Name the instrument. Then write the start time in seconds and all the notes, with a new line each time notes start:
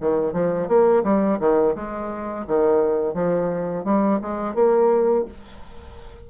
bassoon
0.00 D#3
0.32 F3
0.67 A#3
1.03 G3
1.39 D#3
1.75 G#3
2.47 D#3
3.13 F3
3.84 G3
4.21 G#3
4.54 A#3